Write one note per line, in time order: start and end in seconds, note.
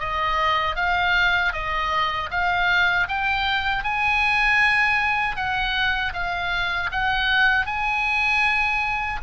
0.00 0.76 D#5
0.76 1.53 F5
1.53 2.30 D#5
2.31 3.08 F5
3.08 3.84 G5
3.84 5.36 G#5
5.36 6.13 F#5
6.13 6.90 F5
6.92 7.66 F#5
7.66 9.20 G#5